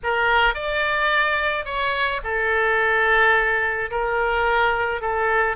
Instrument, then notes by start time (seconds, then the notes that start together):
oboe
0.03 A#4
0.54 D5
1.65 C#5
2.23 A4
3.90 A#4
5.01 A4